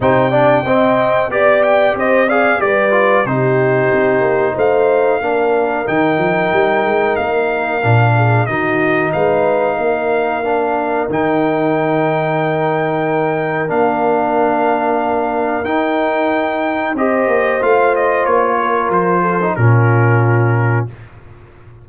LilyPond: <<
  \new Staff \with { instrumentName = "trumpet" } { \time 4/4 \tempo 4 = 92 g''2 d''8 g''8 dis''8 f''8 | d''4 c''2 f''4~ | f''4 g''2 f''4~ | f''4 dis''4 f''2~ |
f''4 g''2.~ | g''4 f''2. | g''2 dis''4 f''8 dis''8 | cis''4 c''4 ais'2 | }
  \new Staff \with { instrumentName = "horn" } { \time 4/4 c''8 d''8 dis''4 d''4 c''8 d''8 | b'4 g'2 c''4 | ais'1~ | ais'8 gis'8 fis'4 b'4 ais'4~ |
ais'1~ | ais'1~ | ais'2 c''2~ | c''8 ais'4 a'8 f'2 | }
  \new Staff \with { instrumentName = "trombone" } { \time 4/4 dis'8 d'8 c'4 g'4. gis'8 | g'8 f'8 dis'2. | d'4 dis'2. | d'4 dis'2. |
d'4 dis'2.~ | dis'4 d'2. | dis'2 g'4 f'4~ | f'4.~ f'16 dis'16 cis'2 | }
  \new Staff \with { instrumentName = "tuba" } { \time 4/4 c4 c'4 b4 c'4 | g4 c4 c'8 ais8 a4 | ais4 dis8 f8 g8 gis8 ais4 | ais,4 dis4 gis4 ais4~ |
ais4 dis2.~ | dis4 ais2. | dis'2 c'8 ais8 a4 | ais4 f4 ais,2 | }
>>